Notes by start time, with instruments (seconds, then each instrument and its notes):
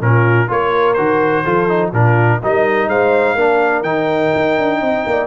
0.00 tuba A#2, trombone C#4, horn F4, trumpet A#4
0.48 tuba A#3, trombone F4, horn A#4, trumpet C#5
0.93 tuba D#3, trombone F#4, trumpet C5
1.44 tuba F3, trombone F4, horn A4
1.68 trombone D#4
1.91 tuba A#2, trombone D4, horn F4, trumpet A#4
2.42 tuba G3, trombone D#4, horn A#4, trumpet D#5
2.88 tuba G#3, horn C5, trumpet F5
3.35 tuba A#3, trombone D4, horn A#4
3.82 tuba D#3, trombone D#4, trumpet G5
4.35 tuba D#4
4.57 tuba D4
4.81 tuba C4, horn D#5
5.06 tuba A#3, horn D5